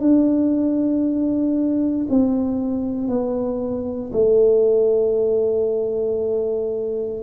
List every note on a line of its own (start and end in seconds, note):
0.00 2.07 D4
2.10 3.08 C4
3.08 4.11 B3
4.13 7.23 A3